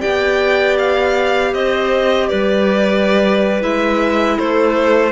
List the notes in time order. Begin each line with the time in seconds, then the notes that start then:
0.00 B3 G4 D5 G5
0.78 F5
1.54 C4 C5 D#5
2.29 G3 B4 D5
3.60 G#3 E4 E5
4.39 A3 A4 C5